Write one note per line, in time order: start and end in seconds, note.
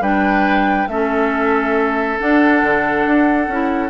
0.00 0.87 G3
0.00 0.89 D4
0.00 0.88 B4
0.00 0.88 G5
0.87 2.18 A3
0.87 2.18 C#4
0.87 3.89 A4
0.87 2.18 E5
2.18 3.49 D4
2.18 2.62 D4
2.18 3.89 F#5
2.62 3.06 D3
3.06 3.47 D4
3.47 3.89 C#4
3.47 3.89 E4